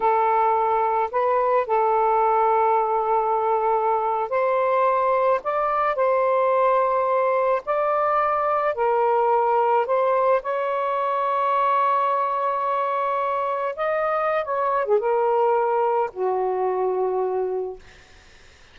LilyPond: \new Staff \with { instrumentName = "saxophone" } { \time 4/4 \tempo 4 = 108 a'2 b'4 a'4~ | a'2.~ a'8. c''16~ | c''4.~ c''16 d''4 c''4~ c''16~ | c''4.~ c''16 d''2 ais'16~ |
ais'4.~ ais'16 c''4 cis''4~ cis''16~ | cis''1~ | cis''8. dis''4~ dis''16 cis''8. gis'16 ais'4~ | ais'4 fis'2. | }